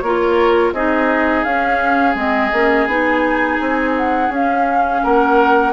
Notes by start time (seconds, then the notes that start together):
0.00 A#3 F4 A#4 C#5
0.72 C4 D#4 G#4 D#5
1.43 C#4 F5
2.15 G#3 C4 D#5
2.52 A#3 C#4
2.87 B3 D#4 G#5
3.60 C4
3.97 F#5
4.29 C#4 F5
5.03 A#3 A#4 F#5